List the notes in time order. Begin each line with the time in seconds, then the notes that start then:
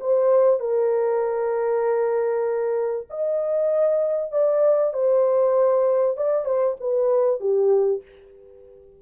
0.00 C5
0.60 A#4
3.10 D#5
4.32 D5
4.93 C5
6.17 D5
6.45 C5
6.80 B4
7.40 G4